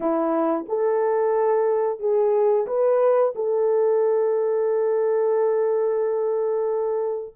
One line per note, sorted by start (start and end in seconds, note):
0.00 0.66 E4
0.68 1.99 A4
1.99 2.66 G#4
2.66 3.33 B4
3.35 7.35 A4